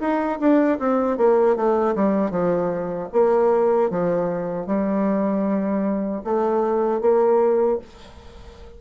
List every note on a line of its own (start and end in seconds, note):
0.00 0.39 D#4
0.40 0.79 D4
0.79 1.17 C4
1.17 1.56 A#3
1.56 1.95 A3
1.95 2.31 G3
2.31 3.09 F3
3.12 3.90 A#3
3.90 4.66 F3
4.66 6.22 G3
6.24 7.01 A3
7.01 7.79 A#3